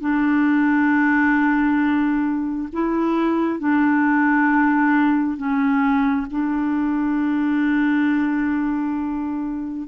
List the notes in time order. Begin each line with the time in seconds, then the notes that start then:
0.00 D4
2.72 E4
3.59 D4
5.37 C#4
6.31 D4